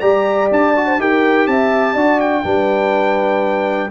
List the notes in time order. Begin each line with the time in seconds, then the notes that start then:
0.00 G3 G4 D5 A#5
0.51 D4 A5
0.76 F#4
0.86 C5
0.99 D#4 G4 A#4 G5
1.47 C4 E5 A5
1.94 D4 F#4 D5
2.20 G5
2.44 G3 D4 B4